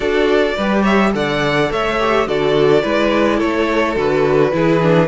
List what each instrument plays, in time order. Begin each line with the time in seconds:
0.00 cello D4, viola F#4, violin A4 D5
0.56 cello G3, viola G4, violin B4
0.82 violin C#5 E5
1.12 cello D3, viola A4, violin D5 F#5
1.71 cello A3, violin C#5 E5
1.99 viola G4
2.26 cello D3, viola F#4, violin A4 D5
2.82 cello G#3, viola E4, violin B4
3.37 cello A3, violin A4 C#5
3.95 cello D3, viola F#4, violin B4
4.52 cello E3, viola E4, violin G#4
4.81 viola D4